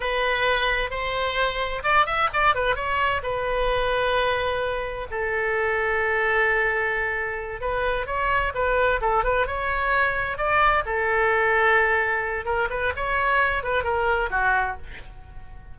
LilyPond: \new Staff \with { instrumentName = "oboe" } { \time 4/4 \tempo 4 = 130 b'2 c''2 | d''8 e''8 d''8 b'8 cis''4 b'4~ | b'2. a'4~ | a'1~ |
a'8 b'4 cis''4 b'4 a'8 | b'8 cis''2 d''4 a'8~ | a'2. ais'8 b'8 | cis''4. b'8 ais'4 fis'4 | }